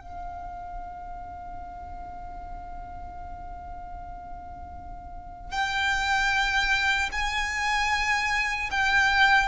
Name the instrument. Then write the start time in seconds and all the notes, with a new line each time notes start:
violin
0.00 F5
5.51 G5
7.12 G#5
8.71 G5